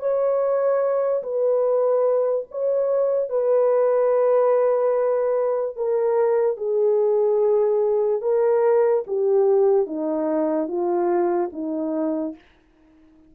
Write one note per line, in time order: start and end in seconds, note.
0.00 1.23 C#5
1.23 2.47 B4
2.51 3.30 C#5
3.30 5.76 B4
5.76 6.58 A#4
6.58 8.22 G#4
8.22 9.04 A#4
9.07 9.87 G4
9.87 10.68 D#4
10.68 11.50 F4
11.53 12.35 D#4